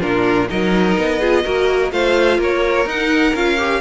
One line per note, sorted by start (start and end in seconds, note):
0.00 0.51 A#2
0.00 0.48 D4
0.00 0.48 F4
0.00 0.49 A#4
0.50 0.97 F#3
0.50 1.21 D#4
0.50 1.20 A#4
0.50 1.93 D#5
0.97 1.45 B3
1.20 1.45 F4
1.20 1.44 G#4
1.44 1.92 A#3
1.44 1.91 F#4
1.44 1.92 A#4
1.91 2.39 A3
1.91 2.86 F4
1.91 2.38 C5
1.91 2.40 F5
2.38 2.86 A#3
2.38 3.81 A#4
2.38 2.89 C#5
2.86 3.33 D#4
2.86 3.35 D#4
2.86 3.36 F#5
3.35 3.81 C#4
3.35 3.58 F4
3.35 3.81 F5
3.58 3.81 G4